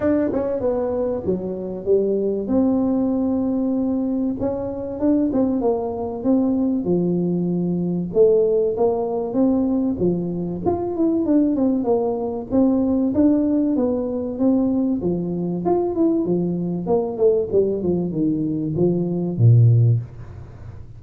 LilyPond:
\new Staff \with { instrumentName = "tuba" } { \time 4/4 \tempo 4 = 96 d'8 cis'8 b4 fis4 g4 | c'2. cis'4 | d'8 c'8 ais4 c'4 f4~ | f4 a4 ais4 c'4 |
f4 f'8 e'8 d'8 c'8 ais4 | c'4 d'4 b4 c'4 | f4 f'8 e'8 f4 ais8 a8 | g8 f8 dis4 f4 ais,4 | }